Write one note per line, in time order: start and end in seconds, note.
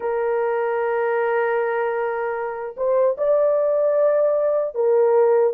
0.00 2.75 A#4
2.76 3.16 C5
3.17 4.74 D5
4.74 5.53 A#4